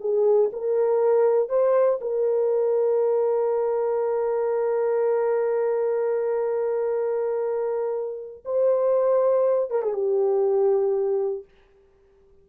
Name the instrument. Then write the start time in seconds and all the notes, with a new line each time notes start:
horn
0.00 G#4
0.52 A#4
1.49 C5
2.01 A#4
8.45 C5
9.70 A#4
9.82 G#4
9.93 G4